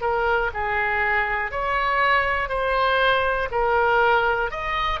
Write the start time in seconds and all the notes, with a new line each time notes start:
0.00 A#4
0.53 G#4
1.50 C#5
2.49 C5
3.50 A#4
4.50 D#5